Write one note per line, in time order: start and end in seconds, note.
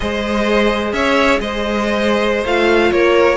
0.00 0.92 G#3
0.00 2.42 G#4
0.00 0.93 C5
0.00 0.92 D#5
0.92 1.39 C#4
0.92 1.40 C#5
0.92 1.39 E5
1.40 2.44 G#3
1.40 2.92 C5
1.40 2.45 D#5
2.45 2.91 A3
2.45 3.37 F4
2.45 2.92 F5
2.91 3.37 A#3
2.91 3.37 A#4
2.91 3.37 C#5